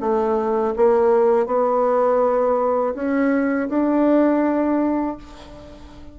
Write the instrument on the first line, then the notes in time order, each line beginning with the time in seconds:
bassoon
0.00 A3
0.76 A#3
1.46 B3
2.95 C#4
3.69 D4